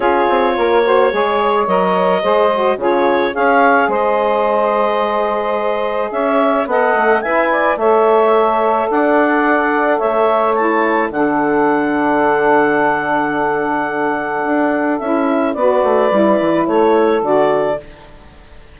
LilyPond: <<
  \new Staff \with { instrumentName = "clarinet" } { \time 4/4 \tempo 4 = 108 cis''2. dis''4~ | dis''4 cis''4 f''4 dis''4~ | dis''2. e''4 | fis''4 gis''4 e''2 |
fis''2 e''4 a''4 | fis''1~ | fis''2. e''4 | d''2 cis''4 d''4 | }
  \new Staff \with { instrumentName = "saxophone" } { \time 4/4 gis'4 ais'8 c''8 cis''2 | c''4 gis'4 cis''4 c''4~ | c''2. cis''4 | dis''4 e''8 d''8 cis''2 |
d''2 cis''2 | a'1~ | a'1 | b'2 a'2 | }
  \new Staff \with { instrumentName = "saxophone" } { \time 4/4 f'4. fis'8 gis'4 ais'4 | gis'8 fis'8 f'4 gis'2~ | gis'1 | a'4 b'4 a'2~ |
a'2. e'4 | d'1~ | d'2. e'4 | fis'4 e'2 fis'4 | }
  \new Staff \with { instrumentName = "bassoon" } { \time 4/4 cis'8 c'8 ais4 gis4 fis4 | gis4 cis4 cis'4 gis4~ | gis2. cis'4 | b8 a8 e'4 a2 |
d'2 a2 | d1~ | d2 d'4 cis'4 | b8 a8 g8 e8 a4 d4 | }
>>